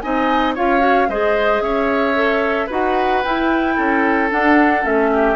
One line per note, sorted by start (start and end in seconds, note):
0.00 0.58 C4
0.00 0.56 D#4
0.00 0.55 D#5
0.00 0.54 G#5
0.55 1.08 C#4
0.55 0.79 F4
0.55 1.08 C#5
0.55 1.09 F5
0.79 1.06 F#4
1.08 1.60 G#3
1.08 2.14 G#4
1.08 1.62 C5
1.08 1.62 D#5
1.60 2.67 C#4
1.60 2.66 C#5
1.60 2.69 E5
2.14 2.68 A4
2.66 3.23 D#4
2.66 3.23 F#4
2.66 3.73 B4
2.66 3.23 F#5
3.23 3.77 E4
3.23 4.29 E4
3.23 4.30 G5
3.76 4.31 C#4
3.76 5.10 A4
4.29 4.82 D4
4.29 4.84 D4
4.29 4.85 F#5
4.82 5.36 A3
4.82 5.36 C#4
4.82 5.36 E5
5.12 5.36 G4